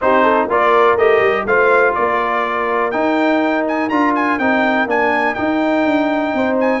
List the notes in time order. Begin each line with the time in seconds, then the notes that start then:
0.01 C4 D#4 G4 C5
0.22 A4
0.48 A#3 F4 A#4 D5
0.96 A3 G4 D#5
1.20 G3
1.45 A3 F4 C5 F5
1.94 A#3 A#4 D5
2.91 D#4 G5
3.67 G#5
3.89 D4 F4 A#5
4.15 G#5
4.39 C4 D#4 G5
4.86 A#3 D4 G#5
5.34 D#4 G5
5.85 D4
6.33 C4 C5
6.60 G#5